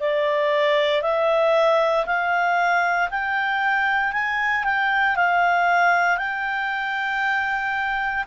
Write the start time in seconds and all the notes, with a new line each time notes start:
0.00 D5
1.02 E5
2.06 F5
3.10 G5
4.13 G#5
4.64 G5
5.16 F5
6.17 G5